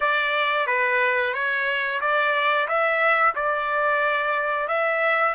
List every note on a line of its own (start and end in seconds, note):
0.00 0.66 D5
0.66 1.33 B4
1.33 2.00 C#5
2.00 2.67 D5
2.68 3.34 E5
3.35 4.68 D5
4.68 5.34 E5